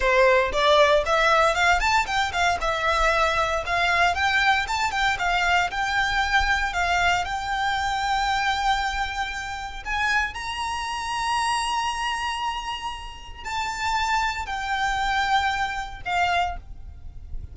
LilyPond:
\new Staff \with { instrumentName = "violin" } { \time 4/4 \tempo 4 = 116 c''4 d''4 e''4 f''8 a''8 | g''8 f''8 e''2 f''4 | g''4 a''8 g''8 f''4 g''4~ | g''4 f''4 g''2~ |
g''2. gis''4 | ais''1~ | ais''2 a''2 | g''2. f''4 | }